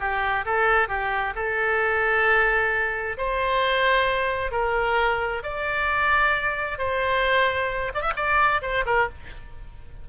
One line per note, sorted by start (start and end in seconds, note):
0.00 0.45 G4
0.46 0.89 A4
0.89 1.34 G4
1.36 3.17 A4
3.18 4.52 C5
4.52 5.43 A#4
5.43 6.79 D5
6.79 7.92 C5
7.94 8.02 D5
8.02 8.13 E5
8.16 8.62 D5
8.62 8.85 C5
8.86 9.09 A#4